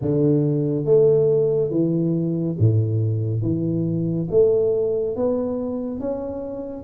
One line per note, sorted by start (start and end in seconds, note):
0.01 0.85 D3
0.85 1.70 A3
1.70 2.56 E3
2.58 3.42 A2
3.42 4.27 E3
4.30 5.16 A3
5.16 6.00 B3
6.00 6.84 C#4